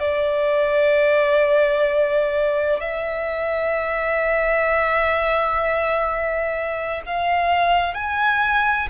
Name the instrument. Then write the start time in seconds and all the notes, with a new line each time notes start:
violin
0.00 D5
2.80 E5
7.06 F5
7.95 G#5